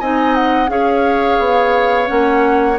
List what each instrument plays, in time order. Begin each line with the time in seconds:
0.00 bassoon C4, clarinet D#4, oboe D#5, flute G#5
0.35 flute F#5
0.68 bassoon C#4, clarinet G#4, oboe C#5, flute F5
1.39 bassoon B3
2.06 bassoon A#3, clarinet C#4, flute F#5